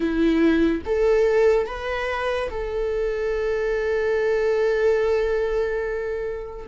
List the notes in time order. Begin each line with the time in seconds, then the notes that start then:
0.00 E4
0.85 A4
1.66 B4
2.50 A4